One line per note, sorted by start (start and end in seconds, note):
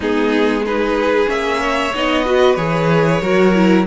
0.00 1.26 G#3
0.00 0.65 B3
0.00 0.63 D#4
0.00 0.65 G#4
0.64 1.26 D#4
0.64 1.60 G#4
0.64 1.29 B4
1.26 1.92 A#3
1.26 1.90 C#4
1.26 1.94 E5
1.60 2.25 C#5
1.94 2.56 B3
1.94 2.25 D#4
1.94 2.55 D#5
2.25 2.57 F#4
2.25 3.21 B4
2.55 3.21 E3
2.55 3.21 G#4
2.55 3.84 C#5
3.21 3.86 F#3
3.21 3.54 F#4
3.21 3.86 A#4
3.54 3.86 E4